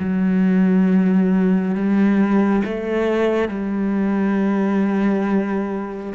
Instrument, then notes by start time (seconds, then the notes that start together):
cello
0.00 F#3
1.75 G3
2.65 A3
3.49 G3